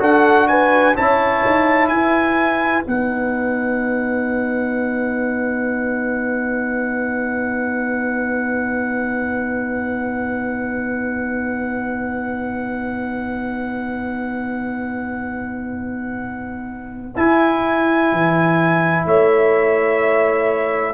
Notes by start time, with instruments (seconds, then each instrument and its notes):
0.00 tuba D4, trombone F#4, horn A4, trumpet F#5
0.48 horn B4, trumpet G#5
0.96 tuba C#4, trombone E4, horn C#5, trumpet A5
1.46 tuba D#4
1.88 tuba E4, horn B4, trumpet G#5
2.85 tuba B3, trombone D#4, trumpet F#5
17.16 trombone E4, tuba E4, trumpet G#5
18.12 tuba E3
19.06 tuba A3, horn C#5, trumpet E5